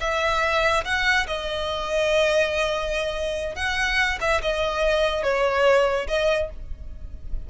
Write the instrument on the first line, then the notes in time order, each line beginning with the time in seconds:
violin
0.00 E5
0.84 F#5
1.27 D#5
3.55 F#5
4.20 E5
4.42 D#5
5.23 C#5
6.08 D#5